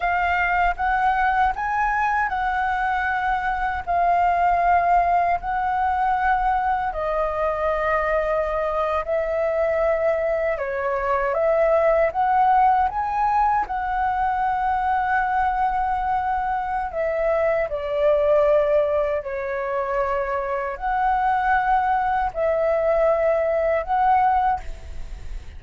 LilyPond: \new Staff \with { instrumentName = "flute" } { \time 4/4 \tempo 4 = 78 f''4 fis''4 gis''4 fis''4~ | fis''4 f''2 fis''4~ | fis''4 dis''2~ dis''8. e''16~ | e''4.~ e''16 cis''4 e''4 fis''16~ |
fis''8. gis''4 fis''2~ fis''16~ | fis''2 e''4 d''4~ | d''4 cis''2 fis''4~ | fis''4 e''2 fis''4 | }